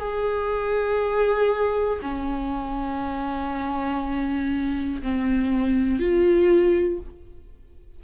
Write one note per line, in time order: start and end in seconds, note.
0.00 2.00 G#4
2.02 5.02 C#4
5.02 6.00 C4
6.00 7.00 F4